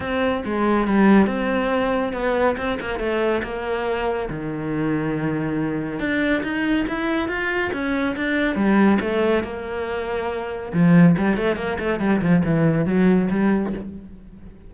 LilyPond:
\new Staff \with { instrumentName = "cello" } { \time 4/4 \tempo 4 = 140 c'4 gis4 g4 c'4~ | c'4 b4 c'8 ais8 a4 | ais2 dis2~ | dis2 d'4 dis'4 |
e'4 f'4 cis'4 d'4 | g4 a4 ais2~ | ais4 f4 g8 a8 ais8 a8 | g8 f8 e4 fis4 g4 | }